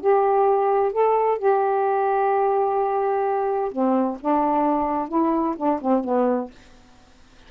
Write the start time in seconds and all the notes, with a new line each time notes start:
0.00 G4
0.92 A4
1.38 G4
3.71 C4
4.20 D4
5.08 E4
5.56 D4
5.81 C4
6.04 B3